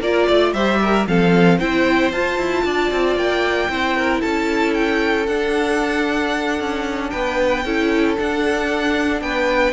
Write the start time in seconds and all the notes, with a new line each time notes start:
0.00 A#3 F4 A#4 D5
0.27 A3 D5
0.53 G3 G4 C5 E5
0.81 A#4
1.07 F3 C4 A4 F5
1.58 C4 E4 C5 G5
2.12 F4 A5
2.38 E4
2.64 D4 D5
2.91 C4
3.15 A#3 G5
3.68 C4 E4 C5
3.96 A#4
4.20 C#4 A4 A5
4.73 G5
5.26 D4 F#5
6.59 C#4
7.10 B3 B4 G5
7.64 C#4 E4 A4
8.17 D4 F#5
9.21 B3 B4 G5